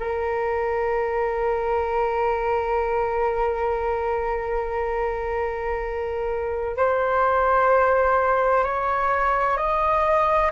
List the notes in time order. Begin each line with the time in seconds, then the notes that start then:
0.00 A#4
6.78 C5
8.65 C#5
9.58 D#5